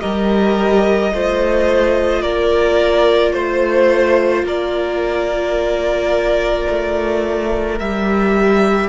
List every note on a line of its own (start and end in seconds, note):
0.00 1.12 G3
0.00 1.11 G4
0.00 1.12 A#4
0.00 2.22 D#5
1.12 2.23 A3
1.12 7.78 F4
1.12 2.22 C5
2.22 3.33 A#3
2.22 3.33 A#4
2.22 3.33 D5
3.33 4.43 A3
3.33 4.44 C5
4.43 6.66 A#3
4.43 8.88 A#4
4.43 7.79 D5
6.69 7.80 A3
7.79 8.88 G3
7.79 8.88 G4
7.79 8.88 E5